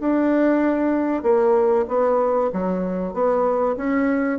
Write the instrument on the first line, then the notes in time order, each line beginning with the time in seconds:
bassoon
0.00 D4
1.23 A#3
1.88 B3
2.53 F#3
3.14 B3
3.77 C#4